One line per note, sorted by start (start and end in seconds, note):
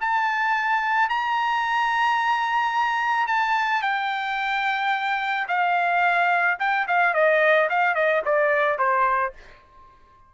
0.00 1.09 A5
1.09 3.27 A#5
3.27 3.82 A5
3.82 5.47 G5
5.47 6.58 F5
6.59 6.86 G5
6.87 7.14 F5
7.14 7.69 D#5
7.69 7.94 F5
7.94 8.22 D#5
8.25 8.78 D5
8.78 9.33 C5